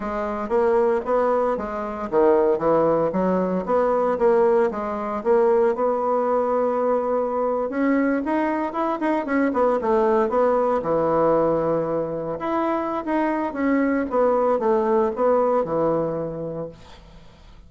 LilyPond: \new Staff \with { instrumentName = "bassoon" } { \time 4/4 \tempo 4 = 115 gis4 ais4 b4 gis4 | dis4 e4 fis4 b4 | ais4 gis4 ais4 b4~ | b2~ b8. cis'4 dis'16~ |
dis'8. e'8 dis'8 cis'8 b8 a4 b16~ | b8. e2. e'16~ | e'4 dis'4 cis'4 b4 | a4 b4 e2 | }